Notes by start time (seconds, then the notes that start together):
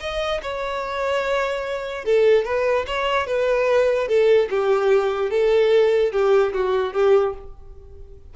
0.00 D#5
0.42 C#5
2.05 A4
2.45 B4
2.86 C#5
3.26 B4
4.08 A4
4.50 G4
5.30 A4
6.12 G4
6.53 F#4
6.93 G4